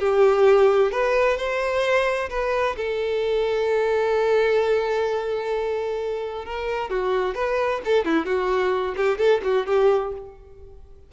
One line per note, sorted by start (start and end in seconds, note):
0.00 0.92 G4
0.92 1.37 B4
1.37 2.30 C5
2.30 2.76 B4
2.77 6.46 A4
6.46 6.90 A#4
6.90 7.35 F#4
7.35 7.81 B4
7.85 8.05 A4
8.05 8.26 E4
8.26 8.95 F#4
8.97 9.18 G4
9.18 9.42 A4
9.44 9.67 F#4
9.67 10.13 G4